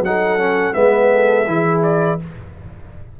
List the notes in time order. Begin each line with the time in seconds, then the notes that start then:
0.00 F#3 D#4 A4 F#5
0.39 C#4
0.73 G#3 B3 B4 E5
1.13 A4
1.46 E3 E4 G#4
1.83 D5